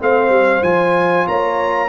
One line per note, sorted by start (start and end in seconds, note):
0.00 0.30 A3
0.00 0.63 C4
0.00 1.29 C5
0.00 0.64 F5
0.30 0.62 G3
0.62 1.26 F3
0.62 1.89 F4
0.62 1.27 G#5
1.28 1.89 A#3
1.28 1.89 C#5
1.28 1.89 A#5